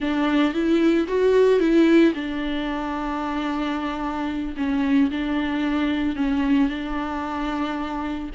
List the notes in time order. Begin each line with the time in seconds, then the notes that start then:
0.00 D4
0.53 E4
1.07 F#4
1.59 E4
2.14 D4
4.56 C#4
5.10 D4
6.15 C#4
6.69 D4